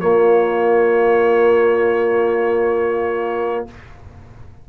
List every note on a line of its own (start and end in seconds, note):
0.00 3.67 A#3
0.00 3.69 A#3
0.00 3.69 F4
0.00 3.67 C#5